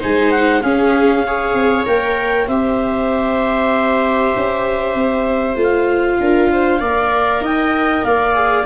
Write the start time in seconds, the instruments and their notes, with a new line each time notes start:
0.00 tuba G#3, viola D#4 C5, clarinet G#5
0.32 clarinet F#5
0.62 viola C#4 G#4, tuba C#4, clarinet F5
1.27 viola G#4 C#5
1.54 tuba C4
1.86 tuba A#3, viola A#4, clarinet G5
2.48 tuba C4, viola G4 C5, clarinet E5
4.36 tuba C#4
4.95 tuba C4
5.56 tuba A3, viola F4
5.63 clarinet F5
6.20 tuba D4, viola A#4
6.52 viola C5
6.80 tuba A#3, viola A#4 D5
7.41 tuba D#4, viola D#5, clarinet G5
8.04 tuba A#3, viola D5, clarinet F5
8.35 viola G#4